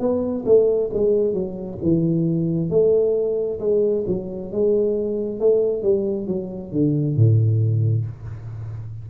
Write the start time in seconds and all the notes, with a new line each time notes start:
0.00 B3
0.46 A3
0.94 G#3
1.34 F#3
1.83 E3
2.70 A3
3.60 G#3
4.07 F#3
4.52 G#3
5.41 A3
5.83 G3
6.28 F#3
6.72 D3
7.17 A2